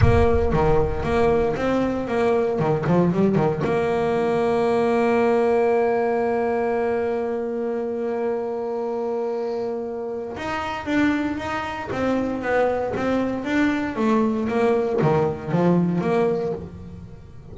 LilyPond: \new Staff \with { instrumentName = "double bass" } { \time 4/4 \tempo 4 = 116 ais4 dis4 ais4 c'4 | ais4 dis8 f8 g8 dis8 ais4~ | ais1~ | ais1~ |
ais1 | dis'4 d'4 dis'4 c'4 | b4 c'4 d'4 a4 | ais4 dis4 f4 ais4 | }